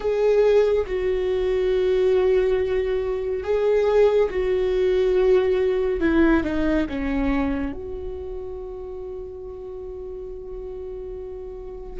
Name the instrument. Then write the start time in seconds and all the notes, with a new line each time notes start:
viola
0.00 G#4
0.86 F#4
3.43 G#4
4.30 F#4
6.00 E4
6.43 D#4
6.88 C#4
7.72 F#4